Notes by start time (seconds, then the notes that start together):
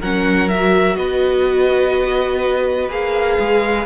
0.00 F#3 C#4 A#4 F#5
0.49 F#4 E5
0.96 B3 B4 D#5
2.90 A#3 G#4 F5
3.40 G#3